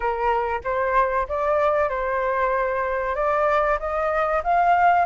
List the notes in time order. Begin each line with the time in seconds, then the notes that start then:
0.00 A#4
0.63 C5
1.28 D5
1.89 C5
3.15 D5
3.79 D#5
4.43 F5